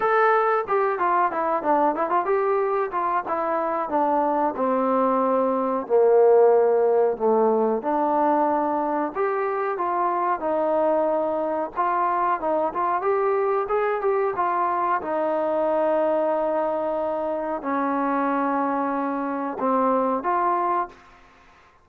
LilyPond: \new Staff \with { instrumentName = "trombone" } { \time 4/4 \tempo 4 = 92 a'4 g'8 f'8 e'8 d'8 e'16 f'16 g'8~ | g'8 f'8 e'4 d'4 c'4~ | c'4 ais2 a4 | d'2 g'4 f'4 |
dis'2 f'4 dis'8 f'8 | g'4 gis'8 g'8 f'4 dis'4~ | dis'2. cis'4~ | cis'2 c'4 f'4 | }